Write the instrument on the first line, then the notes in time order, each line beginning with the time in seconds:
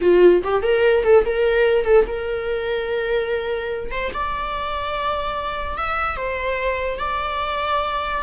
viola
0.01 F4
0.43 G4
0.62 A#4
1.03 A4
1.25 A#4
1.84 A4
2.07 A#4
3.91 C5
4.13 D5
5.77 E5
6.16 C5
6.99 D5